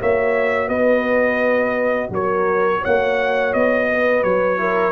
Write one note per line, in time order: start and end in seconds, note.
0.00 0.69 A#3
0.00 4.57 F#4
0.00 0.69 C#5
0.00 0.69 E5
0.69 2.10 B3
0.69 2.10 B4
0.69 2.10 D#5
2.10 2.81 F#3
2.10 2.81 A#4
2.10 2.85 C#5
2.81 3.55 A#3
2.81 3.87 C#5
2.81 3.54 F#5
3.54 4.24 B3
3.54 4.24 D#5
3.91 4.61 B4
4.24 4.92 F#3
4.24 4.92 C#5
4.57 4.92 E4
4.57 4.92 A#4